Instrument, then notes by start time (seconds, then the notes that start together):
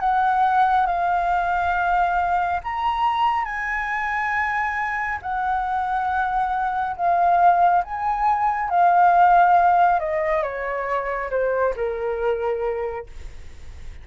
flute
0.00 F#5
0.87 F5
2.64 A#5
3.45 G#5
5.22 F#5
6.96 F5
7.84 G#5
8.70 F5
10.00 D#5
10.43 C#5
11.30 C5
11.76 A#4